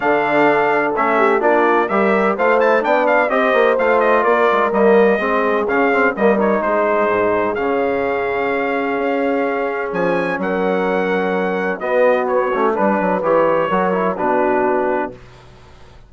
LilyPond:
<<
  \new Staff \with { instrumentName = "trumpet" } { \time 4/4 \tempo 4 = 127 f''2 e''4 d''4 | e''4 f''8 a''8 g''8 f''8 dis''4 | f''8 dis''8 d''4 dis''2 | f''4 dis''8 cis''8 c''2 |
f''1~ | f''4 gis''4 fis''2~ | fis''4 dis''4 cis''4 b'4 | cis''2 b'2 | }
  \new Staff \with { instrumentName = "horn" } { \time 4/4 a'2~ a'8 g'8 f'4 | ais'4 c''4 d''4 c''4~ | c''4 ais'2 gis'4~ | gis'4 ais'4 gis'2~ |
gis'1~ | gis'2 ais'2~ | ais'4 fis'2 b'4~ | b'4 ais'4 fis'2 | }
  \new Staff \with { instrumentName = "trombone" } { \time 4/4 d'2 cis'4 d'4 | g'4 f'8 e'8 d'4 g'4 | f'2 ais4 c'4 | cis'8 c'8 ais8 dis'2~ dis'8 |
cis'1~ | cis'1~ | cis'4 b4. cis'8 d'4 | g'4 fis'8 e'8 d'2 | }
  \new Staff \with { instrumentName = "bassoon" } { \time 4/4 d2 a4 ais4 | g4 a4 b4 c'8 ais8 | a4 ais8 gis8 g4 gis4 | cis4 g4 gis4 gis,4 |
cis2. cis'4~ | cis'4 f4 fis2~ | fis4 b4. a8 g8 fis8 | e4 fis4 b,2 | }
>>